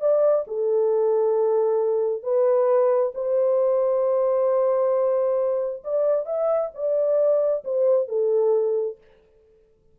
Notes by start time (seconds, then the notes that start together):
0.00 D5
0.47 A4
2.22 B4
3.14 C5
5.84 D5
6.25 E5
6.74 D5
7.64 C5
8.08 A4